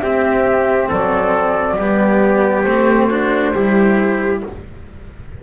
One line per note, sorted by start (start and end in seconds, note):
0.00 0.90 C4
0.00 1.80 C4
0.00 0.89 G4
0.00 0.88 E5
0.89 1.77 F#3
0.89 1.77 A4
0.89 2.62 D5
1.77 2.65 G3
1.77 2.68 B3
1.77 3.09 G4
2.62 3.54 A3
2.62 3.11 C4
2.62 4.39 C5
3.09 3.55 D4
3.09 3.53 F#4
3.55 4.44 G3
3.55 4.43 E4
3.55 4.44 G4